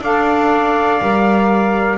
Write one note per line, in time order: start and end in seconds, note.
0.00 1.00 D4
0.00 1.01 A4
0.00 1.98 D5
0.00 1.98 F5
1.01 1.98 G3
1.01 1.98 A#4